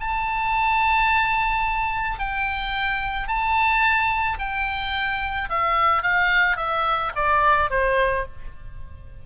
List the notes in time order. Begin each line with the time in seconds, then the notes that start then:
0.00 A5
2.19 G5
3.28 A5
4.39 G5
5.49 E5
6.03 F5
6.57 E5
7.15 D5
7.70 C5